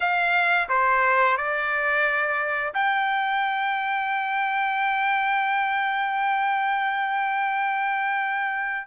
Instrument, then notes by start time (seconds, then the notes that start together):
trumpet
0.00 F5
0.68 C5
1.37 D5
2.73 G5